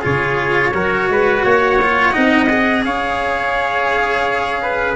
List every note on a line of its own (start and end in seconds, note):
0.00 0.74 C#3
0.00 0.72 F4
0.00 0.71 G#4
0.00 1.42 C#5
0.74 1.09 F#3
0.74 1.80 F#4
0.74 1.09 A#4
1.09 1.44 G#3
1.09 1.44 B4
1.42 2.15 A#3
1.42 2.13 C#5
1.42 2.83 F#5
1.82 2.12 F4
2.12 2.84 C4
2.12 2.47 D#4
2.12 2.83 D#5
2.49 4.96 G#4
2.84 4.96 C#4
2.84 4.62 C#5
2.84 4.96 F5
4.62 4.96 B4